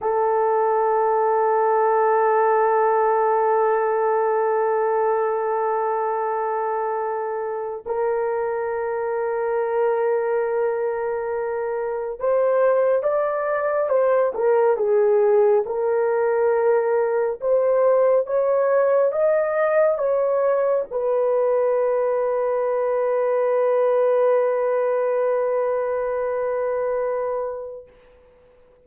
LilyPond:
\new Staff \with { instrumentName = "horn" } { \time 4/4 \tempo 4 = 69 a'1~ | a'1~ | a'4 ais'2.~ | ais'2 c''4 d''4 |
c''8 ais'8 gis'4 ais'2 | c''4 cis''4 dis''4 cis''4 | b'1~ | b'1 | }